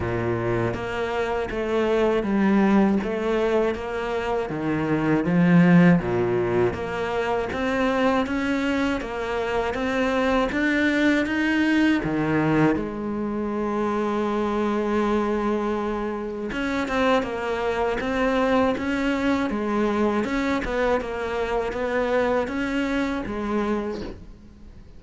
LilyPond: \new Staff \with { instrumentName = "cello" } { \time 4/4 \tempo 4 = 80 ais,4 ais4 a4 g4 | a4 ais4 dis4 f4 | ais,4 ais4 c'4 cis'4 | ais4 c'4 d'4 dis'4 |
dis4 gis2.~ | gis2 cis'8 c'8 ais4 | c'4 cis'4 gis4 cis'8 b8 | ais4 b4 cis'4 gis4 | }